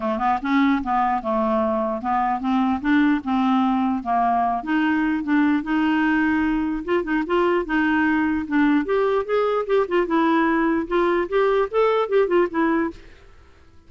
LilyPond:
\new Staff \with { instrumentName = "clarinet" } { \time 4/4 \tempo 4 = 149 a8 b8 cis'4 b4 a4~ | a4 b4 c'4 d'4 | c'2 ais4. dis'8~ | dis'4 d'4 dis'2~ |
dis'4 f'8 dis'8 f'4 dis'4~ | dis'4 d'4 g'4 gis'4 | g'8 f'8 e'2 f'4 | g'4 a'4 g'8 f'8 e'4 | }